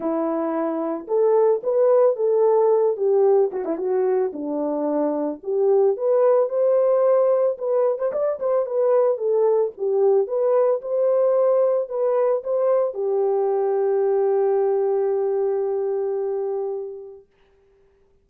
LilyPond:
\new Staff \with { instrumentName = "horn" } { \time 4/4 \tempo 4 = 111 e'2 a'4 b'4 | a'4. g'4 fis'16 e'16 fis'4 | d'2 g'4 b'4 | c''2 b'8. c''16 d''8 c''8 |
b'4 a'4 g'4 b'4 | c''2 b'4 c''4 | g'1~ | g'1 | }